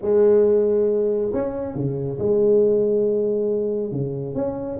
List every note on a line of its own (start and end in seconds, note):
0.01 1.32 G#3
1.33 1.74 C#4
1.74 2.18 C#3
2.18 3.91 G#3
3.91 4.34 C#3
4.34 4.78 C#4